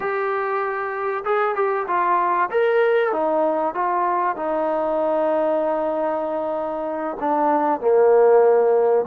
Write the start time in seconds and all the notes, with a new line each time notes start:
0.00 G4
1.24 G#4
1.55 G4
1.87 F4
2.51 A#4
3.12 D#4
3.74 F4
4.36 D#4
7.19 D4
7.80 A#3